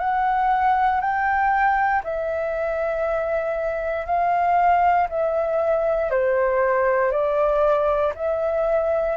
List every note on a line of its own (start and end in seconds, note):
0.00 1.01 F#5
1.01 2.02 G5
2.04 4.06 E5
4.06 5.08 F5
5.10 6.11 E5
6.11 7.11 C5
7.11 8.13 D5
8.15 9.17 E5